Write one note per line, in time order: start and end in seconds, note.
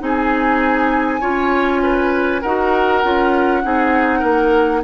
0.00 1.21 C4
0.00 1.20 D#4
0.00 1.21 G#4
0.00 2.42 G#5
1.21 2.43 C#4
1.21 2.41 F4
1.21 1.80 C#5
1.83 2.42 B4
2.42 3.03 D#4
2.42 3.03 F#4
2.42 3.62 A#4
2.42 4.82 F#5
3.03 3.64 C#4
3.03 3.63 F4
3.63 4.22 C4
3.63 4.83 D#4
3.63 4.19 G#4
4.19 4.83 A#3
4.19 4.79 A#4